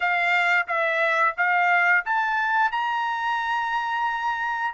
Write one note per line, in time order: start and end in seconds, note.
0.00 0.66 F5
0.67 1.35 E5
1.37 2.04 F5
2.05 2.71 A5
2.71 4.73 A#5